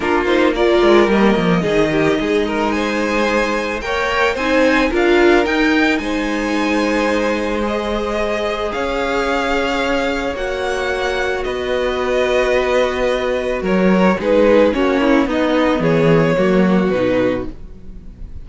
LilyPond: <<
  \new Staff \with { instrumentName = "violin" } { \time 4/4 \tempo 4 = 110 ais'8 c''8 d''4 dis''2~ | dis''4 gis''2 g''4 | gis''4 f''4 g''4 gis''4~ | gis''2 dis''2 |
f''2. fis''4~ | fis''4 dis''2.~ | dis''4 cis''4 b'4 cis''4 | dis''4 cis''2 b'4 | }
  \new Staff \with { instrumentName = "violin" } { \time 4/4 f'4 ais'2 gis'8 g'8 | gis'8 ais'8 c''2 cis''4 | c''4 ais'2 c''4~ | c''1 |
cis''1~ | cis''4 b'2.~ | b'4 ais'4 gis'4 fis'8 e'8 | dis'4 gis'4 fis'2 | }
  \new Staff \with { instrumentName = "viola" } { \time 4/4 d'8 dis'8 f'4 ais4 dis'4~ | dis'2. ais'4 | dis'4 f'4 dis'2~ | dis'2 gis'2~ |
gis'2. fis'4~ | fis'1~ | fis'2 dis'4 cis'4 | b2 ais4 dis'4 | }
  \new Staff \with { instrumentName = "cello" } { \time 4/4 ais4. gis8 g8 f8 dis4 | gis2. ais4 | c'4 d'4 dis'4 gis4~ | gis1 |
cis'2. ais4~ | ais4 b2.~ | b4 fis4 gis4 ais4 | b4 e4 fis4 b,4 | }
>>